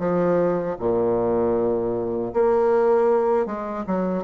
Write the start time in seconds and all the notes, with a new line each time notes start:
0.00 F3
0.79 A#2
2.34 A#3
3.46 G#3
3.87 F#3